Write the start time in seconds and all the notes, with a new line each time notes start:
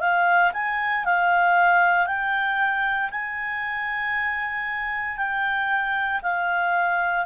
0.00 F5
0.53 G#5
1.05 F5
2.06 G5
3.11 G#5
5.17 G5
6.22 F5